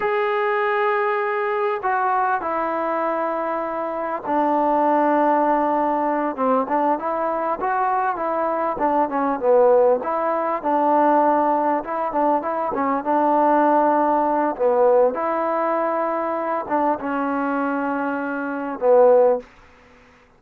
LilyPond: \new Staff \with { instrumentName = "trombone" } { \time 4/4 \tempo 4 = 99 gis'2. fis'4 | e'2. d'4~ | d'2~ d'8 c'8 d'8 e'8~ | e'8 fis'4 e'4 d'8 cis'8 b8~ |
b8 e'4 d'2 e'8 | d'8 e'8 cis'8 d'2~ d'8 | b4 e'2~ e'8 d'8 | cis'2. b4 | }